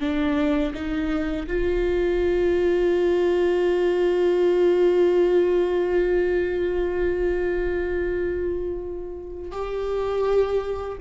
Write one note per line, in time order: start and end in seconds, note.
0.00 0.73 D4
0.74 1.47 D#4
1.47 9.52 F4
9.52 10.98 G4